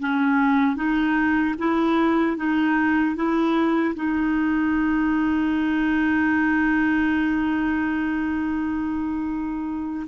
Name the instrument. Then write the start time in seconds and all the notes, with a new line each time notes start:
clarinet
0.00 C#4
0.76 D#4
1.59 E4
2.37 D#4
3.15 E4
3.95 D#4